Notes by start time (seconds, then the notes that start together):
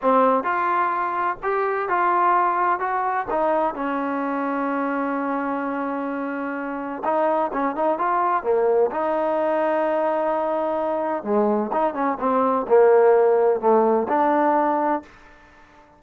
0.01 C4
0.43 F4
1.43 G4
1.88 F4
2.79 F#4
3.30 D#4
3.74 C#4
7.04 D#4
7.52 C#4
7.75 D#4
7.98 F4
8.43 A#3
8.91 D#4
11.23 G#3
11.72 D#4
11.94 C#4
12.19 C4
12.68 A#3
13.60 A3
14.08 D4